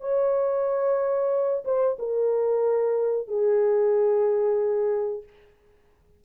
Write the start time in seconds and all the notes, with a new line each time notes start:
0.00 C#5
1.64 C5
1.98 A#4
3.27 G#4